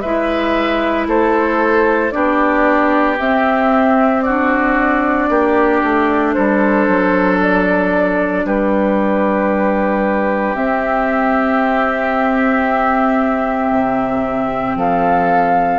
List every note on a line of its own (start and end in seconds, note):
0.00 1.06 G#3
0.00 2.11 E4
0.00 1.07 B4
0.00 1.05 E5
1.06 2.12 A3
1.06 2.13 A4
1.06 2.11 C5
2.11 3.19 B3
2.11 3.16 D4
2.11 4.24 G4
2.11 3.16 D5
3.18 5.29 C4
3.18 4.26 C4
3.18 4.21 E5
4.21 10.54 D4
4.21 5.29 F#4
4.21 6.32 D5
5.29 5.82 A#3
5.29 6.35 G4
5.83 6.36 A3
6.33 6.87 G3
6.33 8.45 A4
6.33 7.38 C5
6.87 8.44 F#3
7.41 8.46 D5
8.44 10.55 G3
8.44 14.77 G4
8.44 10.55 B4
10.54 15.78 C4
10.54 13.71 C4
10.54 14.76 E5
13.71 14.75 C3
14.75 15.78 F3
14.75 15.78 A4
14.75 15.78 F5